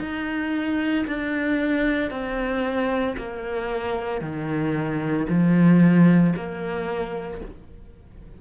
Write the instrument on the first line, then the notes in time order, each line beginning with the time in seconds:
cello
0.00 D#4
1.08 D4
2.11 C4
3.18 A#3
4.22 D#3
5.29 F3
6.36 A#3